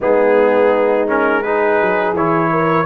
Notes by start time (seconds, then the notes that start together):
0.00 G#3 B3 D#4 G#4
1.07 C#4 A#4
1.42 D#4 G#4 B4
1.81 F#3
2.13 E3 E4 C#5
2.51 A#4